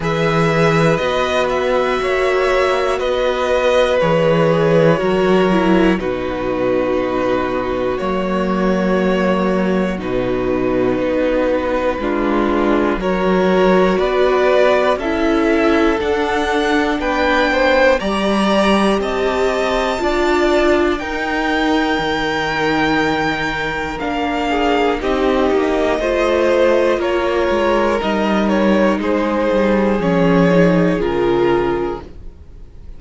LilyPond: <<
  \new Staff \with { instrumentName = "violin" } { \time 4/4 \tempo 4 = 60 e''4 dis''8 e''4. dis''4 | cis''2 b'2 | cis''2 b'2~ | b'4 cis''4 d''4 e''4 |
fis''4 g''4 ais''4 a''4~ | a''4 g''2. | f''4 dis''2 cis''4 | dis''8 cis''8 c''4 cis''4 ais'4 | }
  \new Staff \with { instrumentName = "violin" } { \time 4/4 b'2 cis''4 b'4~ | b'4 ais'4 fis'2~ | fis'1 | f'4 ais'4 b'4 a'4~ |
a'4 b'8 c''8 d''4 dis''4 | d''4 ais'2.~ | ais'8 gis'8 g'4 c''4 ais'4~ | ais'4 gis'2. | }
  \new Staff \with { instrumentName = "viola" } { \time 4/4 gis'4 fis'2. | gis'4 fis'8 e'8 dis'2 | ais2 dis'2 | d'4 fis'2 e'4 |
d'2 g'2 | f'4 dis'2. | d'4 dis'4 f'2 | dis'2 cis'8 dis'8 f'4 | }
  \new Staff \with { instrumentName = "cello" } { \time 4/4 e4 b4 ais4 b4 | e4 fis4 b,2 | fis2 b,4 b4 | gis4 fis4 b4 cis'4 |
d'4 b4 g4 c'4 | d'4 dis'4 dis2 | ais4 c'8 ais8 a4 ais8 gis8 | g4 gis8 g8 f4 cis4 | }
>>